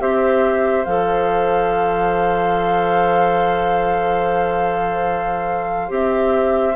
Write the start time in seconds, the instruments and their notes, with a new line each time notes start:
0.00 bassoon C4, clarinet G4, oboe C5, flute E5
0.84 bassoon F3, clarinet A4, flute F5
5.89 bassoon C4, clarinet G4, flute E5